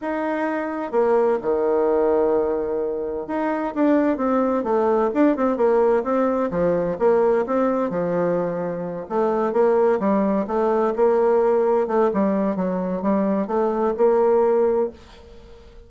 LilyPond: \new Staff \with { instrumentName = "bassoon" } { \time 4/4 \tempo 4 = 129 dis'2 ais4 dis4~ | dis2. dis'4 | d'4 c'4 a4 d'8 c'8 | ais4 c'4 f4 ais4 |
c'4 f2~ f8 a8~ | a8 ais4 g4 a4 ais8~ | ais4. a8 g4 fis4 | g4 a4 ais2 | }